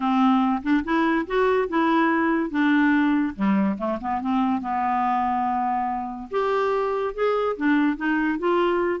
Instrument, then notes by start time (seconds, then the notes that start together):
clarinet
0.00 C4
0.63 D4
0.84 E4
1.27 F#4
1.68 E4
2.50 D4
3.35 G3
3.77 A3
4.00 B3
4.21 C4
4.61 B3
6.30 G4
7.14 G#4
7.56 D4
7.96 D#4
8.38 F4